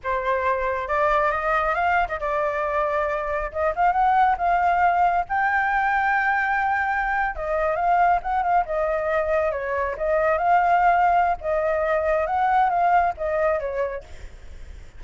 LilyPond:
\new Staff \with { instrumentName = "flute" } { \time 4/4 \tempo 4 = 137 c''2 d''4 dis''4 | f''8. dis''16 d''2. | dis''8 f''8 fis''4 f''2 | g''1~ |
g''8. dis''4 f''4 fis''8 f''8 dis''16~ | dis''4.~ dis''16 cis''4 dis''4 f''16~ | f''2 dis''2 | fis''4 f''4 dis''4 cis''4 | }